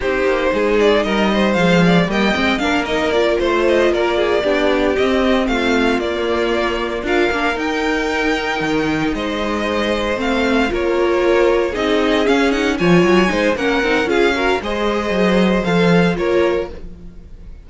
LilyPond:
<<
  \new Staff \with { instrumentName = "violin" } { \time 4/4 \tempo 4 = 115 c''4. d''8 dis''4 f''4 | g''4 f''8 dis''8 d''8 c''8 dis''8 d''8~ | d''4. dis''4 f''4 d''8~ | d''4. f''4 g''4.~ |
g''4. dis''2 f''8~ | f''8 cis''2 dis''4 f''8 | fis''8 gis''4. fis''4 f''4 | dis''2 f''4 cis''4 | }
  \new Staff \with { instrumentName = "violin" } { \time 4/4 g'4 gis'4 ais'8 c''4 d''8 | dis''4 ais'4. c''4 ais'8 | gis'8 g'2 f'4.~ | f'4. ais'2~ ais'8~ |
ais'4. c''2~ c''8~ | c''8 ais'2 gis'4.~ | gis'8 cis''4 c''8 ais'4 gis'8 ais'8 | c''2. ais'4 | }
  \new Staff \with { instrumentName = "viola" } { \time 4/4 dis'2. gis4 | ais8 c'8 d'8 dis'8 f'2~ | f'8 d'4 c'2 ais8~ | ais4. f'8 d'8 dis'4.~ |
dis'2.~ dis'8 c'8~ | c'8 f'2 dis'4 cis'8 | dis'8 f'4 dis'8 cis'8 dis'8 f'8 fis'8 | gis'2 a'4 f'4 | }
  \new Staff \with { instrumentName = "cello" } { \time 4/4 c'8 ais8 gis4 g4 f4 | g8 gis8 ais4. a4 ais8~ | ais8 b4 c'4 a4 ais8~ | ais4. d'8 ais8 dis'4.~ |
dis'8 dis4 gis2 a8~ | a8 ais2 c'4 cis'8~ | cis'8 f8 fis8 gis8 ais8 c'8 cis'4 | gis4 fis4 f4 ais4 | }
>>